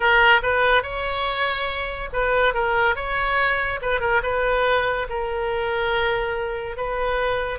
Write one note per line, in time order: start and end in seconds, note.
0.00 0.41 A#4
0.42 0.83 B4
0.83 2.09 C#5
2.12 2.54 B4
2.54 2.95 A#4
2.95 3.80 C#5
3.81 4.00 B4
4.00 4.21 A#4
4.23 5.07 B4
5.09 6.76 A#4
6.76 7.58 B4